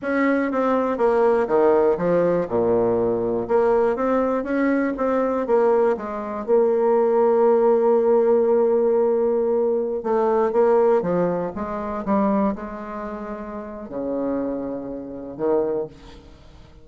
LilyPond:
\new Staff \with { instrumentName = "bassoon" } { \time 4/4 \tempo 4 = 121 cis'4 c'4 ais4 dis4 | f4 ais,2 ais4 | c'4 cis'4 c'4 ais4 | gis4 ais2.~ |
ais1~ | ais16 a4 ais4 f4 gis8.~ | gis16 g4 gis2~ gis8. | cis2. dis4 | }